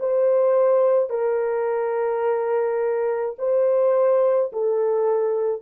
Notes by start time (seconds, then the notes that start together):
0.00 C5
1.10 A#4
3.39 C5
4.53 A4